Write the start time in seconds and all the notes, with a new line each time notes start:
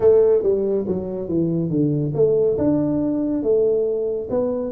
0.00 A3
0.42 G3
0.87 F#3
1.28 E3
1.70 D3
2.14 A3
2.58 D4
3.42 A3
4.30 B3